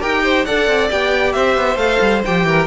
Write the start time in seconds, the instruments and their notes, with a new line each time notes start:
0.00 cello D#4, viola G4, violin A#4 G5
0.24 violin C5
0.45 cello D4, viola A4, violin D5 F#5
0.67 cello C4
0.91 cello B3, viola G4, violin G5
1.33 cello C4, violin C5 E5
1.57 cello B3
1.76 cello A3, viola A4, violin F5
2.01 cello G3
2.25 cello F3, viola G4, violin G5
2.45 cello E3, violin A#4